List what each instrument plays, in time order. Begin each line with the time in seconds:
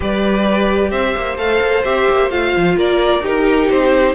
0.00 cello G3, viola G4, violin B4 D5
0.91 cello C4, violin C5 E5
1.16 cello A#3
1.37 cello A3, viola A4, violin F5
1.61 cello A#3
1.84 cello C4, viola G4, violin E5
2.09 cello A#3
2.30 cello A3, viola F4, violin F5
2.56 cello F3
2.76 cello A#3, violin A#4 D5
3.20 cello D#4, viola D#4, violin G4 A#4
3.69 cello C4, violin C5